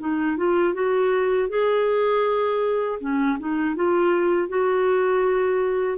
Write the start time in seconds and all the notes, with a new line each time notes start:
0.00 D#4
0.37 F4
0.74 F#4
1.49 G#4
3.00 C#4
3.40 D#4
3.76 F4
4.49 F#4